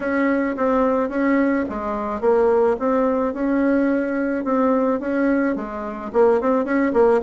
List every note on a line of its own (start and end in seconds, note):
0.00 0.56 C#4
0.57 1.09 C4
1.09 1.64 C#4
1.69 2.20 G#3
2.20 2.76 A#3
2.79 3.33 C4
3.33 4.44 C#4
4.44 5.00 C4
5.00 5.55 C#4
5.55 6.11 G#3
6.13 6.40 A#3
6.40 6.64 C4
6.64 6.92 C#4
6.93 7.20 A#3